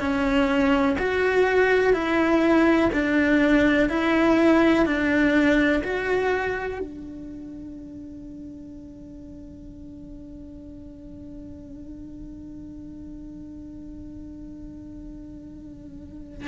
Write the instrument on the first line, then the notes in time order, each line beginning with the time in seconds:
cello
0.00 C#4
0.99 F#4
1.94 E4
2.93 D4
3.89 E4
4.86 D4
5.84 F#4
6.80 D4